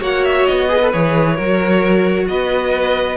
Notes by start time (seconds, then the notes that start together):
0.00 A#3 F#4 C#5 F#5
0.25 E5
0.47 B3 D#5
0.69 G#4 B4
0.83 A4
0.93 E3 G#4 C#5
1.36 F#3 F#4 A#4
2.29 B3 B4 D#5